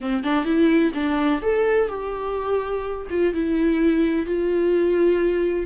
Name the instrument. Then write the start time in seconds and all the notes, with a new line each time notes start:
viola
0.01 C4
0.23 D4
0.44 E4
0.94 D4
1.42 A4
1.88 G4
3.10 F4
3.33 E4
4.26 F4